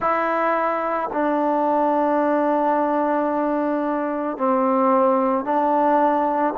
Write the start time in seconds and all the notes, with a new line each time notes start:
0.00 E4
1.12 D4
4.37 C4
5.44 D4